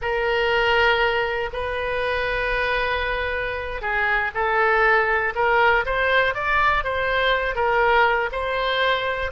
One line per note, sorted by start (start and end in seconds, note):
0.01 1.50 A#4
1.53 3.81 B4
3.81 4.31 G#4
4.34 5.33 A4
5.35 5.84 A#4
5.85 6.34 C5
6.34 6.83 D5
6.83 7.55 C5
7.55 8.29 A#4
8.31 9.31 C5